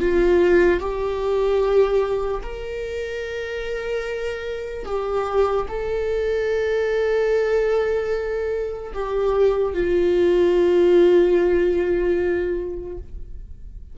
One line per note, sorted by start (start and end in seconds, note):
0.00 0.80 F4
0.80 2.43 G4
2.43 4.86 A#4
4.86 5.67 G4
5.69 8.93 A4
8.94 9.74 G4
9.74 12.98 F4